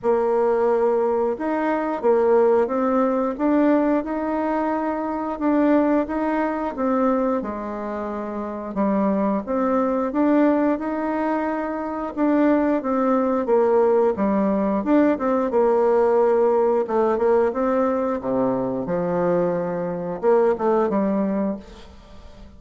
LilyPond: \new Staff \with { instrumentName = "bassoon" } { \time 4/4 \tempo 4 = 89 ais2 dis'4 ais4 | c'4 d'4 dis'2 | d'4 dis'4 c'4 gis4~ | gis4 g4 c'4 d'4 |
dis'2 d'4 c'4 | ais4 g4 d'8 c'8 ais4~ | ais4 a8 ais8 c'4 c4 | f2 ais8 a8 g4 | }